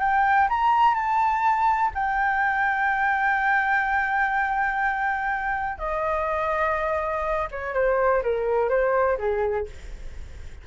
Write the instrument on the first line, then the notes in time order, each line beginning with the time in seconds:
flute
0.00 G5
0.49 A#5
0.95 A5
1.94 G5
5.79 D#5
7.51 C#5
7.74 C5
8.23 A#4
8.70 C5
9.18 G#4